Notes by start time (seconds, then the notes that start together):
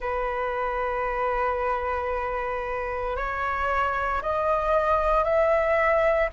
0.00 B4
3.16 C#5
4.22 D#5
5.23 E5